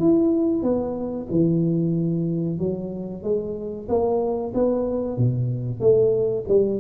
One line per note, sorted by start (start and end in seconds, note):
0.00 0.63 E4
0.63 1.27 B3
1.31 2.59 E3
2.59 3.23 F#3
3.23 3.88 G#3
3.89 4.53 A#3
4.54 5.18 B3
5.18 5.80 B2
5.80 6.45 A3
6.48 6.80 G3